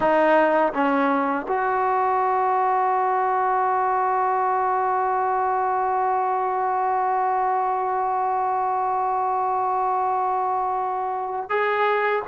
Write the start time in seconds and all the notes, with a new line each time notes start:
0.00 D#4
0.73 C#4
1.48 F#4
11.49 G#4